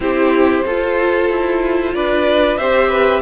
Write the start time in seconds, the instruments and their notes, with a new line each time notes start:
0.00 cello C4, viola E4, violin G4 C5
0.64 viola F4, cello F4, violin A4
1.29 cello E4
1.94 cello D4, violin B4 D5
2.57 cello C4, viola G4, violin C5 E5
2.88 violin B4